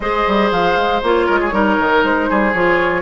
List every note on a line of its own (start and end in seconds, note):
0.00 0.24 G#3
0.00 1.03 G#4
0.00 1.26 C5
0.00 0.51 D#5
0.27 0.51 G3
0.51 0.76 F3
0.51 1.02 F5
0.76 1.01 G#3
1.02 1.28 A#3
1.02 1.51 F4
1.02 2.04 C#5
1.26 1.51 G#3
1.26 1.39 A#4
1.40 1.53 G#4
1.51 1.77 G3
1.51 2.53 D#4
1.51 2.29 A#4
1.79 2.03 D#3
2.03 2.28 G#3
2.03 2.53 C5
2.29 2.53 G3
2.29 3.01 G#4
2.53 3.01 F3
2.53 3.01 F4
2.53 3.01 C#5